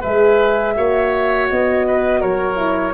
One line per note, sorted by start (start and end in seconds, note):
0.00 0.77 G#3
0.00 0.75 G#4
0.00 0.73 B4
0.00 1.48 E5
0.75 1.50 A#3
0.75 2.56 F#4
0.75 1.86 C#5
1.49 2.22 B3
1.49 2.21 D#5
1.86 2.20 B4
2.20 2.93 F#3
2.20 2.93 A#4
2.20 2.93 C#5
2.56 2.92 E4